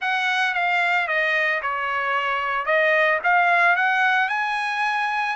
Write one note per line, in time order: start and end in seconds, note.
0.01 0.54 F#5
0.54 1.07 F5
1.07 1.61 D#5
1.62 2.65 C#5
2.65 3.19 D#5
3.23 3.75 F5
3.75 4.29 F#5
4.29 5.36 G#5